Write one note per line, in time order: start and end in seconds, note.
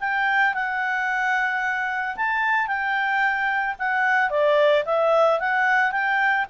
0.00 0.54 G5
0.54 2.16 F#5
2.16 2.67 A5
2.67 3.75 G5
3.79 4.30 F#5
4.30 4.84 D5
4.86 5.40 E5
5.40 5.92 F#5
5.92 6.46 G5